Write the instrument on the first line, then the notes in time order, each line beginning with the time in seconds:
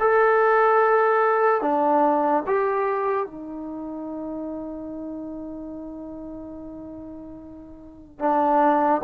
trombone
0.00 A4
1.61 D4
2.47 G4
3.26 D#4
8.19 D4